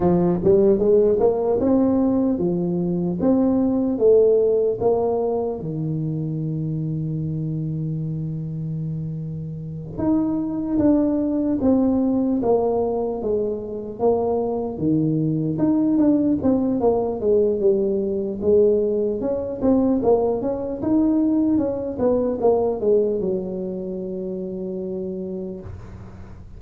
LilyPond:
\new Staff \with { instrumentName = "tuba" } { \time 4/4 \tempo 4 = 75 f8 g8 gis8 ais8 c'4 f4 | c'4 a4 ais4 dis4~ | dis1~ | dis8 dis'4 d'4 c'4 ais8~ |
ais8 gis4 ais4 dis4 dis'8 | d'8 c'8 ais8 gis8 g4 gis4 | cis'8 c'8 ais8 cis'8 dis'4 cis'8 b8 | ais8 gis8 fis2. | }